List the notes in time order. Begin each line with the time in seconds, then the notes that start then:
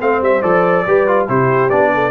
0.00 A3 C4 C5 F5
0.21 G3 E5
0.42 F3 A4 D5
0.87 G3 G4 B4
1.07 F4
1.28 C3 E4 G4 C5
1.70 B3 D4 D5
1.94 A4